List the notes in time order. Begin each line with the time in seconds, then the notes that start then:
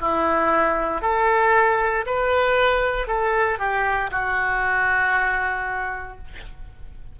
0.00 E4
1.01 A4
2.05 B4
3.07 A4
3.58 G4
4.11 F#4